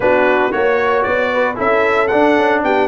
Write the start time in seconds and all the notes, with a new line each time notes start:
0.00 B3 D4 F#4 B4
0.51 A#3 F#4 C#5
1.02 B3 D5
1.33 B4
1.55 C#4 E4 A4 E5
2.07 D4 F#5
2.37 C#4
2.63 B3 G4 G5